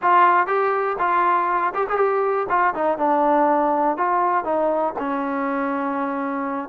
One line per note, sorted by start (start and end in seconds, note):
0.02 0.46 F4
0.46 0.96 G4
0.98 1.73 F4
1.74 1.87 G4
1.89 1.97 G#4
1.97 2.47 G4
2.49 2.74 F4
2.74 2.98 D#4
2.98 3.97 D4
3.97 4.44 F4
4.44 4.94 D#4
4.98 6.69 C#4